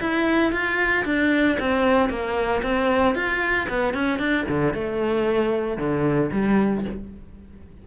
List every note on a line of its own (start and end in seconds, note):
0.00 0.52 E4
0.52 1.05 F4
1.05 1.58 D4
1.59 2.09 C4
2.09 2.62 A#3
2.63 3.15 C4
3.15 3.67 F4
3.69 3.94 B3
3.94 4.19 C#4
4.19 4.45 D4
4.49 4.73 D3
4.73 5.78 A3
5.78 6.30 D3
6.32 6.84 G3